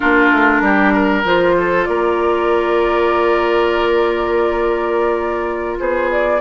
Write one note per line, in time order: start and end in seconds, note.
0.00 0.31 A#3
0.00 1.24 D4
0.00 0.61 F4
0.00 1.25 A#4
0.31 0.61 A3
0.61 1.23 G3
0.61 0.93 G4
0.93 1.55 A#4
1.23 1.86 F3
1.23 6.40 F4
1.23 1.85 C5
1.57 1.88 A4
1.85 5.78 A#3
1.85 5.79 A#4
1.85 5.76 D5
5.79 6.40 B3
5.79 6.40 G#4
5.79 6.11 C5
6.11 6.40 D5